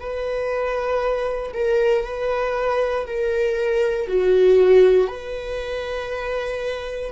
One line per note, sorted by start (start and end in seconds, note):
0.00 1.53 B4
1.54 2.04 A#4
2.04 3.06 B4
3.06 4.08 A#4
4.08 5.08 F#4
5.08 7.11 B4